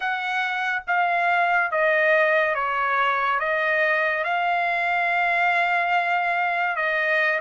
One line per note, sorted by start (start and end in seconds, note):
0.00 0.82 F#5
0.87 1.71 F5
1.71 2.55 D#5
2.55 3.39 C#5
3.39 4.23 D#5
4.23 6.76 F5
6.76 7.39 D#5